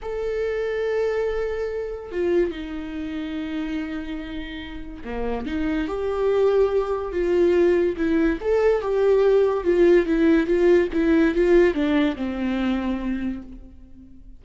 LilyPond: \new Staff \with { instrumentName = "viola" } { \time 4/4 \tempo 4 = 143 a'1~ | a'4 f'4 dis'2~ | dis'1 | ais4 dis'4 g'2~ |
g'4 f'2 e'4 | a'4 g'2 f'4 | e'4 f'4 e'4 f'4 | d'4 c'2. | }